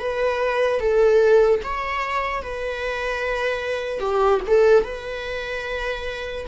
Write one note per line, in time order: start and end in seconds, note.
0.00 0.80 B4
0.80 1.61 A4
1.64 2.43 C#5
2.43 4.00 B4
4.00 4.41 G4
4.47 4.84 A4
4.84 6.46 B4